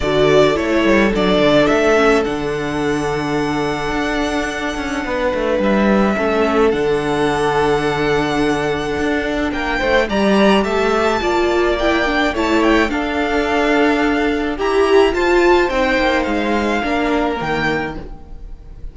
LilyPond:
<<
  \new Staff \with { instrumentName = "violin" } { \time 4/4 \tempo 4 = 107 d''4 cis''4 d''4 e''4 | fis''1~ | fis''2 e''2 | fis''1~ |
fis''4 g''4 ais''4 a''4~ | a''4 g''4 a''8 g''8 f''4~ | f''2 ais''4 a''4 | g''4 f''2 g''4 | }
  \new Staff \with { instrumentName = "violin" } { \time 4/4 a'1~ | a'1~ | a'4 b'2 a'4~ | a'1~ |
a'4 ais'8 c''8 d''4 e''4 | d''2 cis''4 a'4~ | a'2 g'4 c''4~ | c''2 ais'2 | }
  \new Staff \with { instrumentName = "viola" } { \time 4/4 fis'4 e'4 d'4. cis'8 | d'1~ | d'2. cis'4 | d'1~ |
d'2 g'2 | f'4 e'8 d'8 e'4 d'4~ | d'2 g'4 f'4 | dis'2 d'4 ais4 | }
  \new Staff \with { instrumentName = "cello" } { \time 4/4 d4 a8 g8 fis8 d8 a4 | d2. d'4~ | d'8 cis'8 b8 a8 g4 a4 | d1 |
d'4 ais8 a8 g4 a4 | ais2 a4 d'4~ | d'2 e'4 f'4 | c'8 ais8 gis4 ais4 dis4 | }
>>